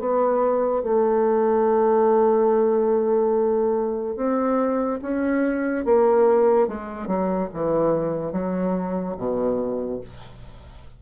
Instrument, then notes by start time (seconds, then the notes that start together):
bassoon
0.00 B3
0.83 A3
4.17 C4
5.02 C#4
5.85 A#3
6.68 G#3
7.07 F#3
7.54 E3
8.32 F#3
9.17 B2